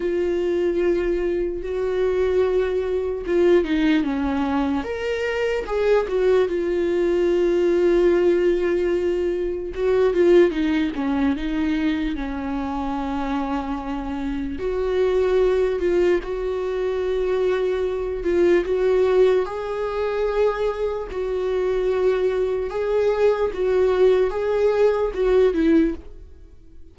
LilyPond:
\new Staff \with { instrumentName = "viola" } { \time 4/4 \tempo 4 = 74 f'2 fis'2 | f'8 dis'8 cis'4 ais'4 gis'8 fis'8 | f'1 | fis'8 f'8 dis'8 cis'8 dis'4 cis'4~ |
cis'2 fis'4. f'8 | fis'2~ fis'8 f'8 fis'4 | gis'2 fis'2 | gis'4 fis'4 gis'4 fis'8 e'8 | }